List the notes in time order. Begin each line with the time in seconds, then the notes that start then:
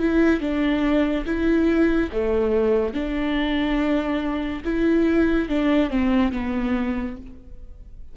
0.00 E4
0.41 D4
1.26 E4
2.12 A3
2.94 D4
4.65 E4
5.49 D4
5.90 C4
6.33 B3